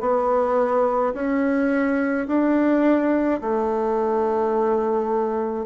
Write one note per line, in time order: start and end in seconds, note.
0.00 1.13 B3
1.13 2.26 C#4
2.27 3.41 D4
3.41 5.66 A3